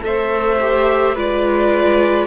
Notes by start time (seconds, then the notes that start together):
0.00 A3 A4 E5
0.06 C5
0.60 G4
1.15 G#3 F4 B4 D5